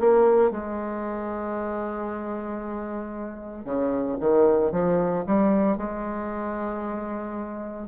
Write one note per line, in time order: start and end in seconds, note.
0.00 0.51 A#3
0.51 3.65 G#3
3.65 4.17 C#3
4.20 4.72 D#3
4.72 5.24 F3
5.27 5.77 G3
5.77 7.88 G#3